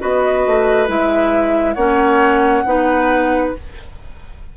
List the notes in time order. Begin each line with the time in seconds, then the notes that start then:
0.00 B3 F#4 B4 D#5
0.46 A3
0.87 G#3 E4 E5
1.74 A#3 C#4 C#5 F#5
2.65 B3 D#4 B4